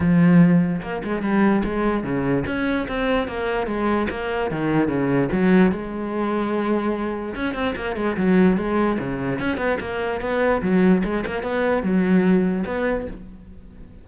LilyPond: \new Staff \with { instrumentName = "cello" } { \time 4/4 \tempo 4 = 147 f2 ais8 gis8 g4 | gis4 cis4 cis'4 c'4 | ais4 gis4 ais4 dis4 | cis4 fis4 gis2~ |
gis2 cis'8 c'8 ais8 gis8 | fis4 gis4 cis4 cis'8 b8 | ais4 b4 fis4 gis8 ais8 | b4 fis2 b4 | }